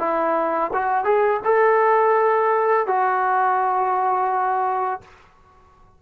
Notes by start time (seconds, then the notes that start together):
0.00 E4
0.74 F#4
1.05 G#4
1.45 A4
2.87 F#4